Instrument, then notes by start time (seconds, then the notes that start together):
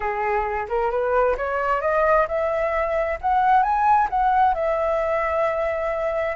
flute
0.00 G#4
0.68 A#4
0.90 B4
1.37 C#5
1.81 D#5
2.28 E5
3.21 F#5
3.62 G#5
4.10 F#5
4.54 E5